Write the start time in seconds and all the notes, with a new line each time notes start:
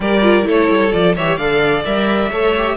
0.00 G3 G4 A#4 D5
0.22 F4
0.43 A3 E4 A4 C#5
0.69 G3
0.92 F3 F4 D5
1.15 E3 G4 C#5 E5
1.36 D3 A4 D5 F5
1.85 G3 A#4 E5
2.29 A3 A4 C#5
2.57 G4